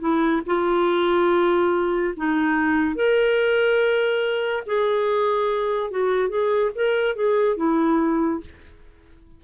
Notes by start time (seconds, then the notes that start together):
0.00 E4
0.47 F4
2.17 D#4
2.96 A#4
4.66 G#4
5.91 F#4
6.29 G#4
6.75 A#4
7.16 G#4
7.57 E4